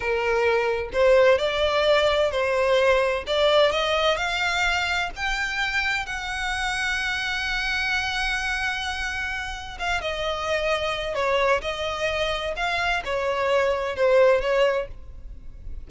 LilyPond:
\new Staff \with { instrumentName = "violin" } { \time 4/4 \tempo 4 = 129 ais'2 c''4 d''4~ | d''4 c''2 d''4 | dis''4 f''2 g''4~ | g''4 fis''2.~ |
fis''1~ | fis''4 f''8 dis''2~ dis''8 | cis''4 dis''2 f''4 | cis''2 c''4 cis''4 | }